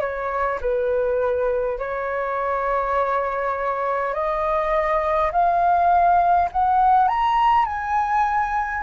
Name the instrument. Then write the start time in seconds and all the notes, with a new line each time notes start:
flute
0.00 C#5
0.61 B4
1.79 C#5
4.14 D#5
5.32 F5
6.52 F#5
7.09 A#5
7.65 G#5